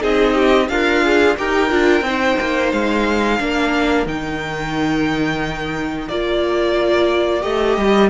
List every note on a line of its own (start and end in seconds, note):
0.00 0.68 C4
0.00 0.67 D#4
0.00 0.34 G#4
0.00 0.68 D#5
0.34 0.67 G4
0.68 1.36 D4
0.68 1.38 F4
0.68 1.03 A#4
0.68 1.36 F5
1.03 1.37 G#4
1.37 1.71 D#4
1.37 1.68 G4
1.37 2.06 A#4
1.37 2.71 G5
1.68 2.01 D4
1.68 2.02 F4
2.01 2.35 C4
2.01 3.39 D#4
2.01 3.39 C5
2.40 2.72 A#3
2.71 3.39 G#3
2.71 4.06 F5
3.39 4.06 A#3
3.39 4.06 D4
3.39 8.09 A#4
4.06 6.08 D#3
4.06 6.08 D#4
4.06 6.08 G5
6.08 7.43 A#3
6.08 7.41 F4
6.08 7.42 D5
7.41 7.77 A3
7.41 8.08 G4
7.41 8.09 D#5
7.77 8.09 G3